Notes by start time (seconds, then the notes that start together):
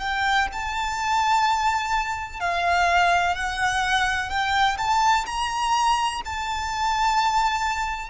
0.00 G5
0.52 A5
2.40 F5
3.35 F#5
4.30 G5
4.78 A5
5.26 A#5
6.26 A5